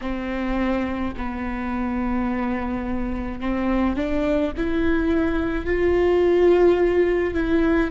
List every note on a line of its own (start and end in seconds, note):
0.01 1.14 C4
1.16 3.40 B3
3.40 3.96 C4
3.96 4.52 D4
4.56 5.65 E4
5.65 7.34 F4
7.34 7.90 E4